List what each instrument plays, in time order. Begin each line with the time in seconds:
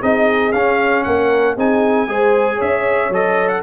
0.00 tuba C4, trombone D#4, horn G#4, trumpet D#5
0.52 tuba C#4, trombone C#4, trumpet F5
1.03 tuba A#3, horn A#4, trumpet F#5
1.56 tuba C4, trombone D#4, horn G#4, trumpet G#5
2.07 tuba G#3, trombone G#4, horn C5
2.55 tuba C#4, horn C#5, trumpet E5
3.09 tuba F#3, trombone A4, trumpet D#5
3.48 trumpet F#5